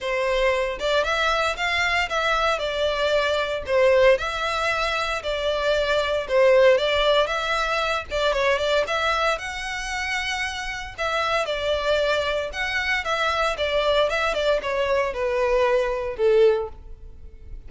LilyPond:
\new Staff \with { instrumentName = "violin" } { \time 4/4 \tempo 4 = 115 c''4. d''8 e''4 f''4 | e''4 d''2 c''4 | e''2 d''2 | c''4 d''4 e''4. d''8 |
cis''8 d''8 e''4 fis''2~ | fis''4 e''4 d''2 | fis''4 e''4 d''4 e''8 d''8 | cis''4 b'2 a'4 | }